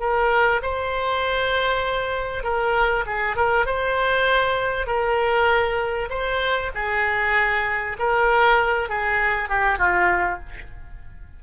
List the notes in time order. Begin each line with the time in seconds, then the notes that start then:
0.00 A#4
0.63 C5
2.44 A#4
3.06 G#4
3.36 A#4
3.66 C5
4.87 A#4
6.10 C5
6.75 G#4
7.99 A#4
8.89 G#4
9.49 G4
9.78 F4